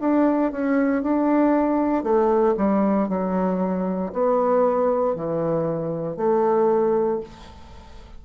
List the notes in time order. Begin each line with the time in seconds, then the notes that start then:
0.00 D4
0.51 C#4
1.03 D4
2.03 A3
2.56 G3
3.08 F#3
4.12 B3
5.15 E3
6.16 A3